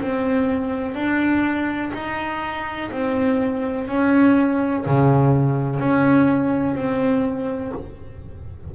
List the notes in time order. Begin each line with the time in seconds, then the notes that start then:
0.00 C4
0.94 D4
1.94 D#4
2.91 C4
3.88 C#4
4.86 C#3
5.79 C#4
6.75 C4